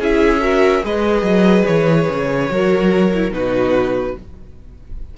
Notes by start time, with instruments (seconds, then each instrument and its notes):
0.00 cello C#4, viola E4, violin G#4 E5
0.40 viola F#4, violin A#4
0.84 cello G#3, viola G#4, violin B4 D#5
1.22 cello F#3
1.66 cello E3, violin C#5
2.10 cello C#3
2.50 cello F#3, viola F#4, violin A#4
3.14 viola E4
3.31 cello B2, viola D#4, violin F#4 B4